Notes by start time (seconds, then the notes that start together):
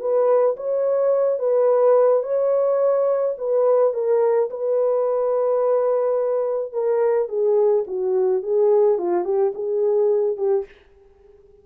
0.00 B4
0.57 C#5
1.39 B4
2.23 C#5
3.38 B4
3.94 A#4
4.50 B4
6.73 A#4
7.29 G#4
7.87 F#4
8.43 G#4
8.98 F4
9.25 G4
9.55 G#4
10.37 G4